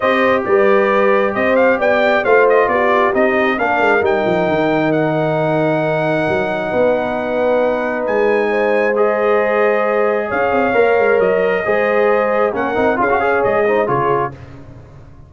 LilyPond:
<<
  \new Staff \with { instrumentName = "trumpet" } { \time 4/4 \tempo 4 = 134 dis''4 d''2 dis''8 f''8 | g''4 f''8 dis''8 d''4 dis''4 | f''4 g''2 fis''4~ | fis''1~ |
fis''2 gis''2 | dis''2. f''4~ | f''4 dis''2. | fis''4 f''4 dis''4 cis''4 | }
  \new Staff \with { instrumentName = "horn" } { \time 4/4 c''4 b'2 c''4 | d''4 c''4 g'2 | ais'1~ | ais'2. b'4~ |
b'2. c''4~ | c''2. cis''4~ | cis''2 c''2 | ais'4 gis'8 cis''4 c''8 gis'4 | }
  \new Staff \with { instrumentName = "trombone" } { \time 4/4 g'1~ | g'4 f'2 dis'4 | d'4 dis'2.~ | dis'1~ |
dis'1 | gis'1 | ais'2 gis'2 | cis'8 dis'8 f'16 fis'16 gis'4 dis'8 f'4 | }
  \new Staff \with { instrumentName = "tuba" } { \time 4/4 c'4 g2 c'4 | b4 a4 b4 c'4 | ais8 gis8 g8 f8 dis2~ | dis2 fis4 b4~ |
b2 gis2~ | gis2. cis'8 c'8 | ais8 gis8 fis4 gis2 | ais8 c'8 cis'4 gis4 cis4 | }
>>